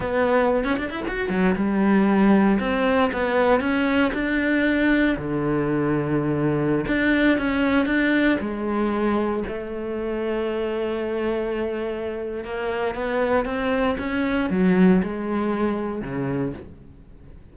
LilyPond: \new Staff \with { instrumentName = "cello" } { \time 4/4 \tempo 4 = 116 b4~ b16 cis'16 d'16 e'16 fis'8 fis8 g4~ | g4 c'4 b4 cis'4 | d'2 d2~ | d4~ d16 d'4 cis'4 d'8.~ |
d'16 gis2 a4.~ a16~ | a1 | ais4 b4 c'4 cis'4 | fis4 gis2 cis4 | }